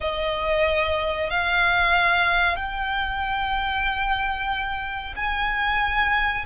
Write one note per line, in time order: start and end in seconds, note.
0.01 1.30 D#5
1.30 2.56 F5
2.56 5.14 G5
5.16 6.45 G#5